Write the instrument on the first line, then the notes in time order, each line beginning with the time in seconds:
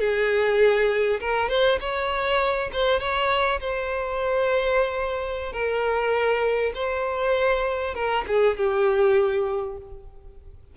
violin
0.00 G#4
1.20 A#4
1.49 C5
1.80 C#5
2.73 C5
3.00 C#5
3.60 C5
5.53 A#4
6.74 C5
7.95 A#4
8.27 G#4
8.57 G4